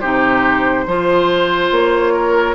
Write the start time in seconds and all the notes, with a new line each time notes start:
0.00 C3 D#4 G4 C5
0.87 F3 F4 C5
1.71 A#3 C#5
2.14 A#4